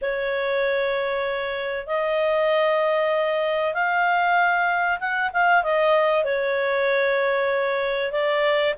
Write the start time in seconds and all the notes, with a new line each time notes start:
0.01 C#5
1.86 D#5
3.73 F5
5.00 F#5
5.33 F5
5.63 D#5
6.24 C#5
8.12 D5